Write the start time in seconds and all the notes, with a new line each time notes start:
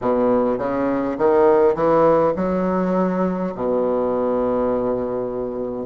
0.01 B2
0.58 C#3
1.18 D#3
1.74 E3
2.36 F#3
3.55 B2